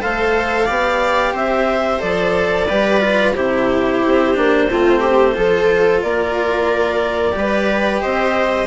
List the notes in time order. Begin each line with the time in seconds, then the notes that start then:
0.00 A3 A4 C5 F5
0.65 B3 G4 D5
1.32 C4 C5 E5
1.99 F3 A4 D5
2.68 G3 G4 B4
3.00 F4
3.34 C3 E4 G4 C5
4.06 C4
4.35 A#3 D4
4.70 A3 C4 F4
5.00 G4
5.34 F3 F4 A4
6.02 A#3 A#4 D5
7.32 G3 G4
7.39 B4
8.01 C4 C5 D#5